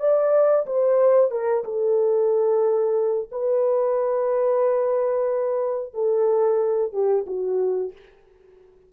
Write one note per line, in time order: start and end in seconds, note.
0.00 0.66 D5
0.67 1.31 C5
1.31 1.64 A#4
1.65 3.29 A4
3.31 5.94 B4
5.94 6.93 A4
6.93 7.26 G4
7.27 7.93 F#4